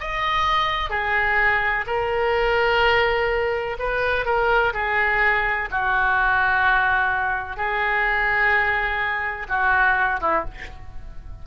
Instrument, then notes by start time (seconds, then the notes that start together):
oboe
0.00 D#5
0.90 G#4
1.86 A#4
3.79 B4
4.25 A#4
4.73 G#4
5.71 F#4
7.56 G#4
9.48 F#4
10.20 E4